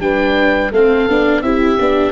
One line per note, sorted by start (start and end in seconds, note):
0.00 0.71 G3
0.00 0.71 D4
0.00 0.71 B4
0.00 0.71 G5
0.71 1.07 A3
0.71 1.09 C4
0.71 1.42 A4
0.71 1.42 F5
1.08 1.42 B3
1.08 1.43 D4
1.42 1.77 C4
1.42 1.79 E4
1.42 2.12 G4
1.42 2.12 E5
1.79 2.12 B3
1.79 2.12 D4